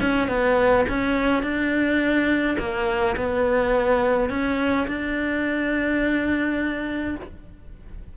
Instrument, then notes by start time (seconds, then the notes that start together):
cello
0.00 C#4
0.28 B3
0.88 C#4
1.42 D4
2.58 A#3
3.16 B3
4.29 C#4
4.87 D4